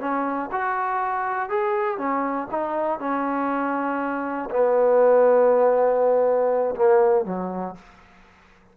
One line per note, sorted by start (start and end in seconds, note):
0.00 0.50 C#4
0.52 1.49 F#4
1.49 1.98 G#4
1.98 2.48 C#4
2.51 3.00 D#4
3.00 4.50 C#4
4.50 6.75 B3
6.75 7.25 A#3
7.25 7.75 F#3